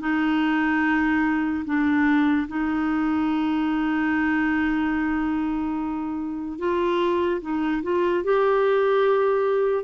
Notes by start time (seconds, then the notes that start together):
0.00 D#4
1.65 D4
2.48 D#4
6.59 F4
7.41 D#4
7.83 F4
8.24 G4